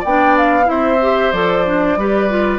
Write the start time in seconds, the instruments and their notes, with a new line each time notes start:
0.00 bassoon B3, oboe D5, flute G5
0.06 clarinet D4
0.37 flute F5
0.64 bassoon C4, clarinet E4, flute E5
0.70 oboe C5
1.01 clarinet G4
1.32 bassoon F3, clarinet A4, flute D5
1.66 clarinet D4
1.96 bassoon G3, clarinet G4, oboe B4
2.30 clarinet F4